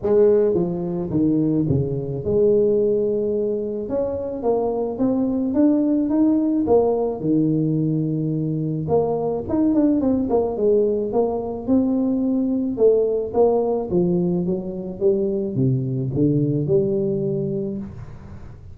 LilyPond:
\new Staff \with { instrumentName = "tuba" } { \time 4/4 \tempo 4 = 108 gis4 f4 dis4 cis4 | gis2. cis'4 | ais4 c'4 d'4 dis'4 | ais4 dis2. |
ais4 dis'8 d'8 c'8 ais8 gis4 | ais4 c'2 a4 | ais4 f4 fis4 g4 | c4 d4 g2 | }